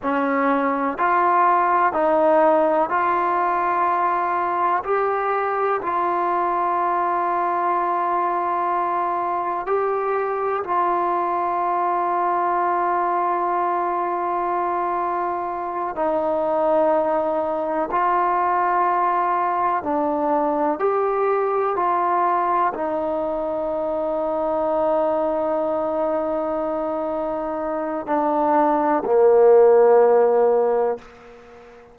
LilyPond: \new Staff \with { instrumentName = "trombone" } { \time 4/4 \tempo 4 = 62 cis'4 f'4 dis'4 f'4~ | f'4 g'4 f'2~ | f'2 g'4 f'4~ | f'1~ |
f'8 dis'2 f'4.~ | f'8 d'4 g'4 f'4 dis'8~ | dis'1~ | dis'4 d'4 ais2 | }